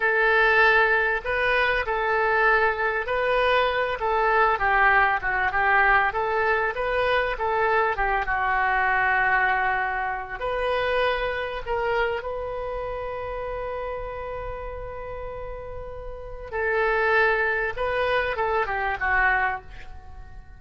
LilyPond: \new Staff \with { instrumentName = "oboe" } { \time 4/4 \tempo 4 = 98 a'2 b'4 a'4~ | a'4 b'4. a'4 g'8~ | g'8 fis'8 g'4 a'4 b'4 | a'4 g'8 fis'2~ fis'8~ |
fis'4 b'2 ais'4 | b'1~ | b'2. a'4~ | a'4 b'4 a'8 g'8 fis'4 | }